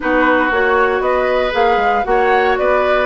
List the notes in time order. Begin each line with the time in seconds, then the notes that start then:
0.00 B3 D#4 F#4 B4
0.50 A#3 F#4 C#5
0.99 B3 B4 D#5
1.51 A#3 G#4 F5
1.76 G#3
2.04 A#3 F#4 C#5 F#5
2.57 B3 B4 D5